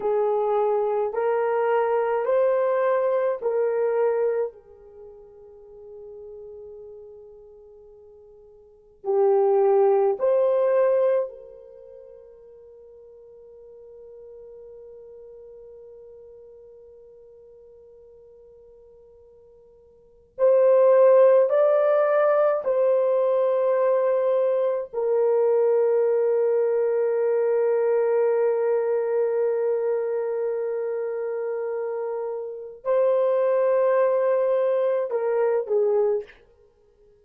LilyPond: \new Staff \with { instrumentName = "horn" } { \time 4/4 \tempo 4 = 53 gis'4 ais'4 c''4 ais'4 | gis'1 | g'4 c''4 ais'2~ | ais'1~ |
ais'2 c''4 d''4 | c''2 ais'2~ | ais'1~ | ais'4 c''2 ais'8 gis'8 | }